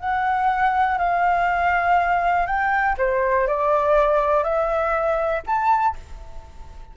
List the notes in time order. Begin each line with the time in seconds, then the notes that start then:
0.00 F#5
0.98 F5
2.47 G5
2.98 C5
3.48 D5
4.44 E5
5.47 A5